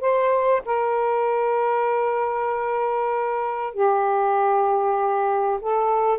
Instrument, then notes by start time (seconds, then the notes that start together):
saxophone
0.00 C5
0.65 A#4
3.74 G4
5.61 A4